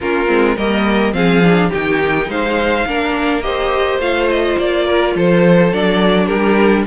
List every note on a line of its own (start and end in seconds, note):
0.00 0.28 A#3
0.00 0.27 C#4
0.00 0.56 F4
0.00 0.57 A#4
0.27 0.57 G#3
0.27 0.55 C4
0.56 1.13 G3
0.56 1.12 A#3
0.56 1.13 A#4
0.56 1.13 D#5
1.12 1.70 F3
1.12 1.41 C4
1.12 1.69 G#4
1.12 1.70 F5
1.43 1.72 D4
1.69 2.28 D#3
1.69 2.86 D#4
1.69 2.26 G4
1.69 2.30 G5
2.28 2.85 G#3
2.28 2.87 C5
2.28 3.42 F5
2.86 3.99 A#3
2.86 3.42 D4
2.86 3.44 A#4
3.42 4.00 G4
3.42 4.85 C5
3.42 3.99 D#5
3.99 4.56 A3
3.99 5.71 F4
3.99 4.29 F5
4.29 4.58 D#5
4.58 5.15 A#3
4.58 5.16 D5
4.85 5.14 A#4
5.15 5.72 F3
5.15 6.26 A4
5.15 5.73 C5
5.72 6.29 F#3
5.72 6.86 D4
5.72 6.26 D5
6.26 6.86 G3
6.26 6.83 G4
6.26 6.83 A#4